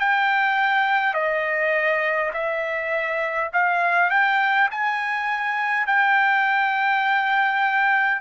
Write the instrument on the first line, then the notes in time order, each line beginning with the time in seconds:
trumpet
0.00 G5
1.14 D#5
2.33 E5
3.53 F5
4.10 G5
4.71 G#5
5.87 G5